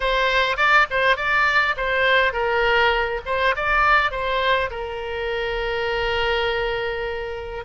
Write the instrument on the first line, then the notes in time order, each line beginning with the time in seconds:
oboe
0.00 C5
0.56 D5
0.90 C5
1.16 D5
1.76 C5
2.33 A#4
3.25 C5
3.56 D5
4.11 C5
4.70 A#4